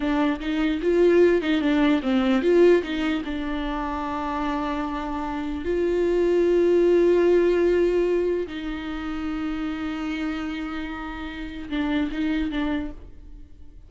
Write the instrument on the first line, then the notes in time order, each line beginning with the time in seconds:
viola
0.00 D4
0.40 D#4
0.81 F4
1.41 D#4
1.61 D4
2.02 C4
2.42 F4
2.82 D#4
3.24 D4
5.64 F4
8.47 D#4
11.69 D4
12.11 D#4
12.50 D4